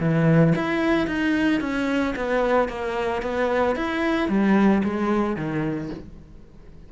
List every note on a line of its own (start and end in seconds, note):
0.00 0.54 E3
0.56 1.07 E4
1.07 1.61 D#4
1.61 2.15 C#4
2.16 2.69 B3
2.69 3.22 A#3
3.22 3.76 B3
3.76 4.29 E4
4.29 4.82 G3
4.84 5.36 G#3
5.36 5.90 D#3